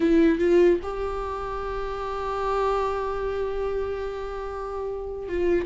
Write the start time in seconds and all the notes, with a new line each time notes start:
0.00 E4
0.38 F4
0.82 G4
5.28 F4